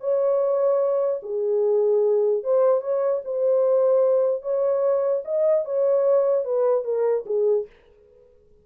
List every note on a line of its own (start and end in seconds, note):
0.00 1.21 C#5
1.22 2.43 G#4
2.43 2.81 C5
2.81 3.21 C#5
3.24 4.42 C5
4.42 5.22 C#5
5.24 5.64 D#5
5.65 6.44 C#5
6.44 6.84 B4
6.84 7.24 A#4
7.26 7.66 G#4